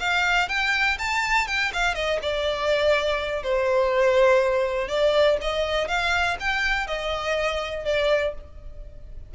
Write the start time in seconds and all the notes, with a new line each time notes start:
0.00 F5
0.49 G5
0.99 A5
1.48 G5
1.73 F5
1.95 D#5
2.22 D5
3.43 C5
4.89 D5
5.41 D#5
5.88 F5
6.40 G5
6.87 D#5
7.85 D5